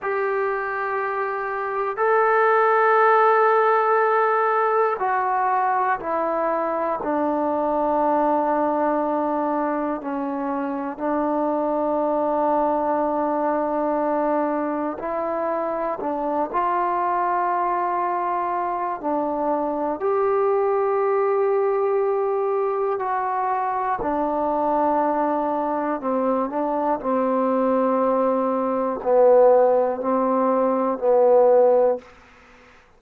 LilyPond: \new Staff \with { instrumentName = "trombone" } { \time 4/4 \tempo 4 = 60 g'2 a'2~ | a'4 fis'4 e'4 d'4~ | d'2 cis'4 d'4~ | d'2. e'4 |
d'8 f'2~ f'8 d'4 | g'2. fis'4 | d'2 c'8 d'8 c'4~ | c'4 b4 c'4 b4 | }